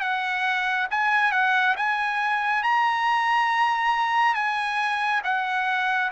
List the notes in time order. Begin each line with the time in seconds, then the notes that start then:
0.00 F#5
0.90 G#5
1.32 F#5
1.76 G#5
2.62 A#5
4.34 G#5
5.23 F#5